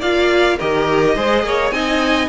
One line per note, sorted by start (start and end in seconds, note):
0.00 0.59 A#3
0.00 0.59 F4
0.00 0.57 D5
0.00 0.59 F5
0.58 1.17 D#3
0.58 1.17 G4
0.58 1.15 A#4
0.58 1.72 D#5
1.16 1.44 G#3
1.16 1.73 G#4
1.16 1.45 C5
1.44 1.71 A#3
1.44 1.74 C#5
1.71 2.28 C4
1.71 2.30 D#4
1.71 2.30 D#5
1.71 2.29 G#5